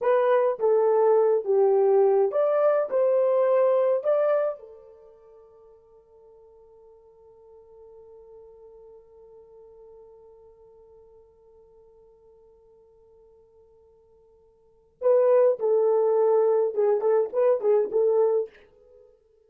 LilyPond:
\new Staff \with { instrumentName = "horn" } { \time 4/4 \tempo 4 = 104 b'4 a'4. g'4. | d''4 c''2 d''4 | a'1~ | a'1~ |
a'1~ | a'1~ | a'2 b'4 a'4~ | a'4 gis'8 a'8 b'8 gis'8 a'4 | }